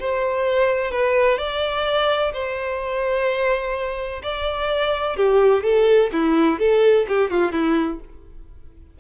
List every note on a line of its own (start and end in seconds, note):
0.00 0.91 C5
0.91 1.38 B4
1.38 2.33 D5
2.33 4.22 C5
4.23 5.17 D5
5.17 5.63 G4
5.63 6.11 A4
6.12 6.59 E4
6.59 7.07 A4
7.08 7.31 G4
7.31 7.52 F4
7.52 7.99 E4